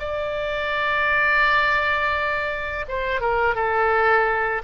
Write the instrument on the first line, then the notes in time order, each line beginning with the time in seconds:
oboe
0.00 D5
2.89 C5
3.21 A#4
3.56 A4